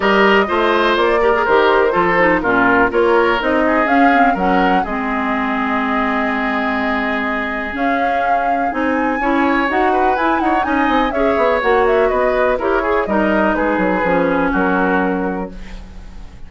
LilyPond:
<<
  \new Staff \with { instrumentName = "flute" } { \time 4/4 \tempo 4 = 124 dis''2 d''4 c''4~ | c''4 ais'4 cis''4 dis''4 | f''4 fis''4 dis''2~ | dis''1 |
f''2 gis''2 | fis''4 gis''8 fis''8 gis''4 e''4 | fis''8 e''8 dis''4 cis''4 dis''4 | b'2 ais'2 | }
  \new Staff \with { instrumentName = "oboe" } { \time 4/4 ais'4 c''4. ais'4. | a'4 f'4 ais'4. gis'8~ | gis'4 ais'4 gis'2~ | gis'1~ |
gis'2. cis''4~ | cis''8 b'4 cis''8 dis''4 cis''4~ | cis''4 b'4 ais'8 gis'8 ais'4 | gis'2 fis'2 | }
  \new Staff \with { instrumentName = "clarinet" } { \time 4/4 g'4 f'4. g'16 gis'16 g'4 | f'8 dis'8 cis'4 f'4 dis'4 | cis'8 c'8 cis'4 c'2~ | c'1 |
cis'2 dis'4 e'4 | fis'4 e'4 dis'4 gis'4 | fis'2 g'8 gis'8 dis'4~ | dis'4 cis'2. | }
  \new Staff \with { instrumentName = "bassoon" } { \time 4/4 g4 a4 ais4 dis4 | f4 ais,4 ais4 c'4 | cis'4 fis4 gis2~ | gis1 |
cis'2 c'4 cis'4 | dis'4 e'8 dis'8 cis'8 c'8 cis'8 b8 | ais4 b4 e'4 g4 | gis8 fis8 f4 fis2 | }
>>